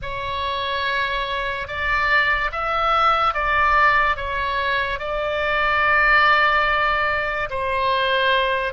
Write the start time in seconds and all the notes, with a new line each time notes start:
0.02 C#5
1.67 D5
2.52 E5
3.33 D5
4.16 C#5
4.98 D5
7.50 C5